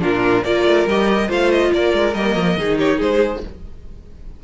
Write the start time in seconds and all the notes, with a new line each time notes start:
0.00 A#2 D4 F4 A#4
0.44 A#3 F4 A#4 D5
0.66 A3
0.86 G3 G4 D#5
1.28 A3 F4 C5 F5
1.51 D#5
1.73 A#3 A#4 D5
1.93 G#3
2.14 G3 A#3 D#5
2.35 F3
2.57 D#3 D#4 G#4
2.78 G4 C#5
2.98 G#3 G#4 C5